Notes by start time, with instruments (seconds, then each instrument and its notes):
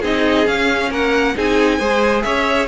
0.00 cello C4, viola D#4, violin G#4 D#5
0.45 viola C#4, cello C#4, violin F5
0.90 cello A#3, violin A#4 F#5
1.36 cello C4, viola D#4, violin G#4 G#5
1.79 cello G#3, viola G#4, violin C5
2.22 cello C#4, violin C#5 E5